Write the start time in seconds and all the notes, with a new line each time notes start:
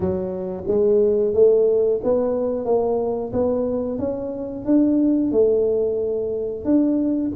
0.00 F#3
0.67 G#3
1.33 A3
2.03 B3
2.65 A#3
3.32 B3
3.98 C#4
4.65 D4
5.31 A3
6.65 D4